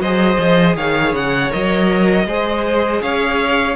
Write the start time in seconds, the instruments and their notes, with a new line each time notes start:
0.00 cello F#3, viola G#4, violin C5 D#5
0.39 cello F3
0.76 cello D#3, violin C#5 F5
1.13 cello C#3, violin F#5
1.50 cello F#3, viola A#4, violin D#5
2.26 cello G#3, viola G#4, violin C5
3.02 cello C#4, violin C#5 F5